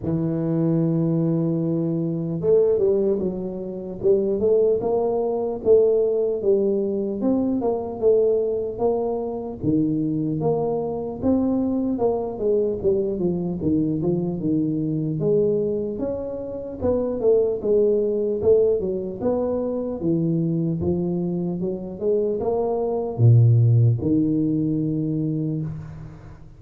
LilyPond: \new Staff \with { instrumentName = "tuba" } { \time 4/4 \tempo 4 = 75 e2. a8 g8 | fis4 g8 a8 ais4 a4 | g4 c'8 ais8 a4 ais4 | dis4 ais4 c'4 ais8 gis8 |
g8 f8 dis8 f8 dis4 gis4 | cis'4 b8 a8 gis4 a8 fis8 | b4 e4 f4 fis8 gis8 | ais4 ais,4 dis2 | }